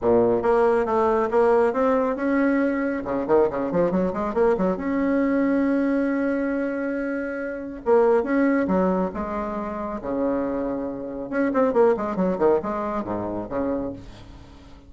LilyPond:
\new Staff \with { instrumentName = "bassoon" } { \time 4/4 \tempo 4 = 138 ais,4 ais4 a4 ais4 | c'4 cis'2 cis8 dis8 | cis8 f8 fis8 gis8 ais8 fis8 cis'4~ | cis'1~ |
cis'2 ais4 cis'4 | fis4 gis2 cis4~ | cis2 cis'8 c'8 ais8 gis8 | fis8 dis8 gis4 gis,4 cis4 | }